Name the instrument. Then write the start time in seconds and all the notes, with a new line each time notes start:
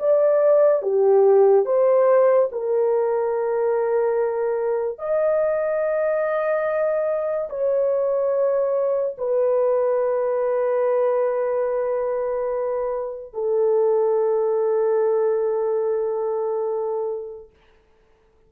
horn
0.00 D5
0.83 G4
1.66 C5
2.52 A#4
4.99 D#5
7.50 C#5
9.18 B4
13.34 A4